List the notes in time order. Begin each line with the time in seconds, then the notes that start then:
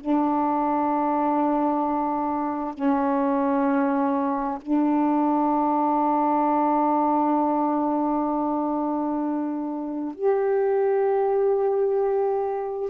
0.00 D4
2.74 C#4
4.61 D4
10.15 G4